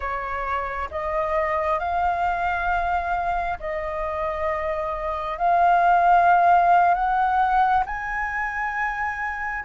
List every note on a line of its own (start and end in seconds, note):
0.00 0.89 C#5
0.90 1.79 D#5
1.79 3.58 F5
3.59 5.38 D#5
5.38 6.94 F5
6.94 7.84 F#5
7.86 9.65 G#5